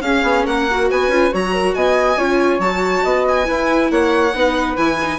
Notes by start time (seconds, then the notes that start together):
0.00 C#4 G#4 F5
0.22 B3
0.45 A#3 A#4 F#5
0.70 F#4
0.90 B3 B4 G#5
1.07 C#4 F4
1.30 F#3 F#4 C#5 A#5
1.53 A#4
1.74 B3 D#5 G#5
2.16 C#4 F4 C#5
2.58 F#3 F#4 A5
3.03 B3 D#5
3.28 G#5
3.44 E4 B4
3.90 A#3 C#5 F#5
4.33 B3 D#4 B4
4.76 E3 E4 G#5
5.02 D#4